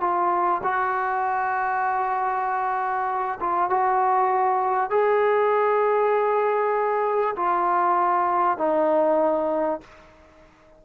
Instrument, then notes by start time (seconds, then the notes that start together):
trombone
0.00 F4
0.63 F#4
3.40 F4
3.70 F#4
4.90 G#4
7.36 F4
8.58 D#4